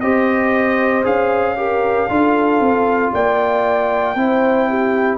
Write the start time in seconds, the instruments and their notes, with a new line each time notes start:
0.00 tuba C4, trombone G4, horn C5, trumpet D#5
1.03 tuba C#4, trombone G#4, trumpet F5
1.56 trombone G4, horn A#4
2.09 tuba D4, trombone F4, horn A4
2.59 tuba C4
3.13 tuba A#3, horn D5, trumpet G5
4.15 tuba C4, trombone E4, horn C5
4.69 horn G4